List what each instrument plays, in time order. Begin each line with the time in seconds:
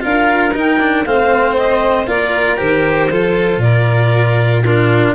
0.00 tuba D4, cello F4, violin A#4, clarinet F5
0.54 cello D#4, tuba D#4, clarinet G5
0.80 cello D4
1.05 tuba A3, cello C4, violin C5, clarinet F5
1.57 clarinet D#5
2.07 tuba A#3, cello F4, violin A#4, clarinet D5
2.57 tuba D#3, cello G4, clarinet C5
3.10 tuba F3, cello F4, violin A4
3.57 tuba A#2, violin A#4, clarinet D5
4.64 cello D4, violin F4, clarinet A#4